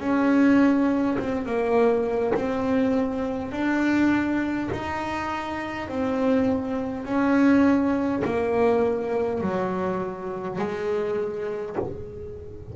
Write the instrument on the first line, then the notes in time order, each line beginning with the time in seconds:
double bass
0.00 C#4
1.19 C4
1.46 A#3
2.35 C4
3.52 D4
4.73 D#4
5.89 C4
7.05 C#4
8.25 A#3
9.41 F#3
10.59 G#3